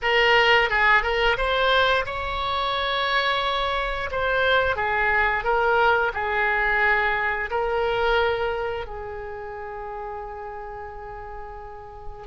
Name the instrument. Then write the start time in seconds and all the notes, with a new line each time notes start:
oboe
0.02 A#4
0.69 G#4
1.02 A#4
1.37 C5
2.05 C#5
4.11 C5
4.75 G#4
5.44 A#4
6.13 G#4
7.50 A#4
8.86 G#4